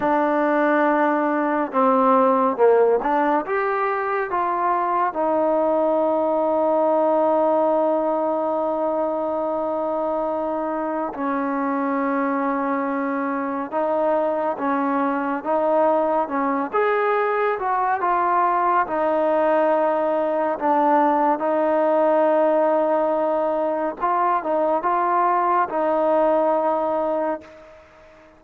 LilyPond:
\new Staff \with { instrumentName = "trombone" } { \time 4/4 \tempo 4 = 70 d'2 c'4 ais8 d'8 | g'4 f'4 dis'2~ | dis'1~ | dis'4 cis'2. |
dis'4 cis'4 dis'4 cis'8 gis'8~ | gis'8 fis'8 f'4 dis'2 | d'4 dis'2. | f'8 dis'8 f'4 dis'2 | }